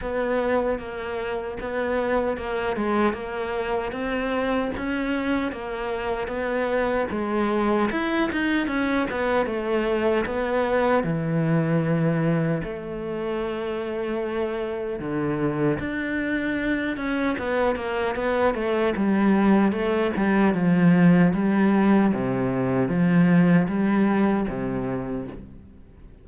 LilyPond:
\new Staff \with { instrumentName = "cello" } { \time 4/4 \tempo 4 = 76 b4 ais4 b4 ais8 gis8 | ais4 c'4 cis'4 ais4 | b4 gis4 e'8 dis'8 cis'8 b8 | a4 b4 e2 |
a2. d4 | d'4. cis'8 b8 ais8 b8 a8 | g4 a8 g8 f4 g4 | c4 f4 g4 c4 | }